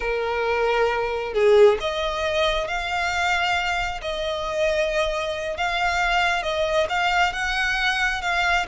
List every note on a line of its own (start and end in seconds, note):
0.00 1.33 A#4
1.33 1.78 G#4
1.80 2.67 D#5
2.67 4.00 F5
4.01 5.57 D#5
5.57 6.42 F5
6.42 6.87 D#5
6.89 7.32 F5
7.32 8.21 F#5
8.21 8.65 F5